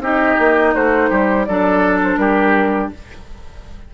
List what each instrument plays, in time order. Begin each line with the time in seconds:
0.00 bassoon C4, clarinet D#4, oboe G4, flute D#5
0.39 bassoon A#3
0.75 bassoon A3, oboe F#4, flute C5
1.10 bassoon G3, oboe G4
1.45 bassoon F#3, clarinet D4, oboe A4, flute D5
2.04 flute C5
2.17 bassoon G3, oboe G4, flute A#4